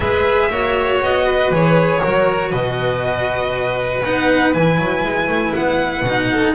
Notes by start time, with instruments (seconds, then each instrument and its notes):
0.00 double bass G#3, cello G#4, violin B4 E5
0.50 double bass A#3, cello F#4, violin C#5
1.01 double bass B3, violin D#5
1.25 violin B4
1.50 double bass E3, cello G#4, violin C#5
2.00 double bass F#3, cello F#4, violin A#4
2.50 double bass B2, violin B4 D#5
4.03 double bass B3, cello D#4, violin F#5
4.53 double bass E3, cello E4, violin G#5
4.78 double bass F#3
5.04 double bass G#3
5.27 double bass A3
5.54 double bass B3, violin F#5
6.02 double bass B2
6.08 cello D#4
6.31 violin A4